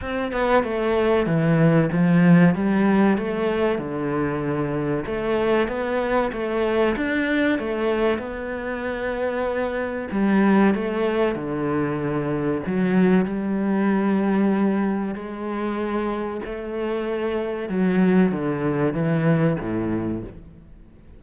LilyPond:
\new Staff \with { instrumentName = "cello" } { \time 4/4 \tempo 4 = 95 c'8 b8 a4 e4 f4 | g4 a4 d2 | a4 b4 a4 d'4 | a4 b2. |
g4 a4 d2 | fis4 g2. | gis2 a2 | fis4 d4 e4 a,4 | }